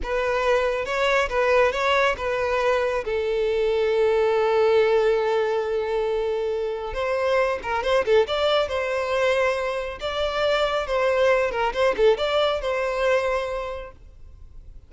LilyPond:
\new Staff \with { instrumentName = "violin" } { \time 4/4 \tempo 4 = 138 b'2 cis''4 b'4 | cis''4 b'2 a'4~ | a'1~ | a'1 |
c''4. ais'8 c''8 a'8 d''4 | c''2. d''4~ | d''4 c''4. ais'8 c''8 a'8 | d''4 c''2. | }